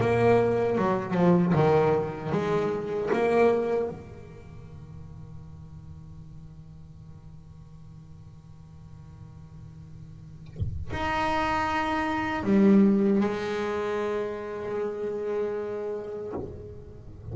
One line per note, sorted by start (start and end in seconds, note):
0.00 0.78 A#3
0.78 1.14 F#3
1.14 1.53 F3
1.54 2.32 D#3
2.32 3.10 G#3
3.12 3.89 A#3
3.89 10.91 D#3
10.91 12.43 D#4
12.43 13.20 G3
13.20 16.32 G#3